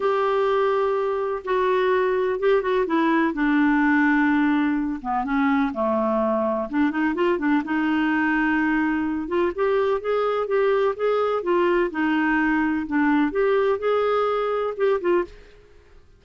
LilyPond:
\new Staff \with { instrumentName = "clarinet" } { \time 4/4 \tempo 4 = 126 g'2. fis'4~ | fis'4 g'8 fis'8 e'4 d'4~ | d'2~ d'8 b8 cis'4 | a2 d'8 dis'8 f'8 d'8 |
dis'2.~ dis'8 f'8 | g'4 gis'4 g'4 gis'4 | f'4 dis'2 d'4 | g'4 gis'2 g'8 f'8 | }